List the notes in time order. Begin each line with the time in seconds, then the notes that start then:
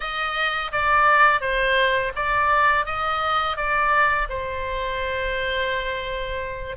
0.00 D#5
0.71 D5
1.41 C5
2.15 D5
2.85 D#5
3.56 D5
4.29 C5